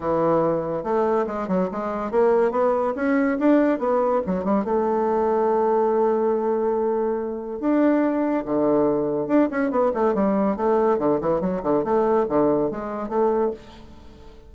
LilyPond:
\new Staff \with { instrumentName = "bassoon" } { \time 4/4 \tempo 4 = 142 e2 a4 gis8 fis8 | gis4 ais4 b4 cis'4 | d'4 b4 fis8 g8 a4~ | a1~ |
a2 d'2 | d2 d'8 cis'8 b8 a8 | g4 a4 d8 e8 fis8 d8 | a4 d4 gis4 a4 | }